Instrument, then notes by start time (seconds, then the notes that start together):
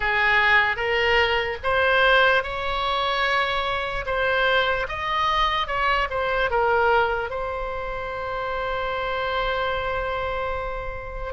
oboe
0.00 G#4
0.76 A#4
1.63 C5
2.43 C#5
4.05 C5
4.88 D#5
5.67 C#5
6.10 C5
6.50 A#4
7.30 C5